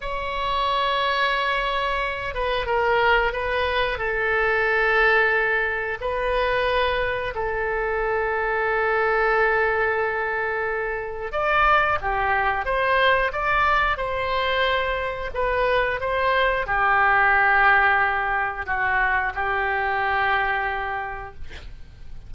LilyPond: \new Staff \with { instrumentName = "oboe" } { \time 4/4 \tempo 4 = 90 cis''2.~ cis''8 b'8 | ais'4 b'4 a'2~ | a'4 b'2 a'4~ | a'1~ |
a'4 d''4 g'4 c''4 | d''4 c''2 b'4 | c''4 g'2. | fis'4 g'2. | }